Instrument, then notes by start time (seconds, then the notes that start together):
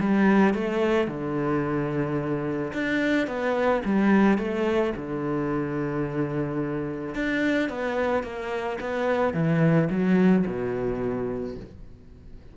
cello
0.00 G3
0.54 A3
1.07 D3
2.73 D4
3.27 B3
3.85 G3
4.38 A3
4.96 D3
7.15 D4
7.69 B3
8.23 A#3
8.80 B3
9.34 E3
9.90 F#3
10.46 B2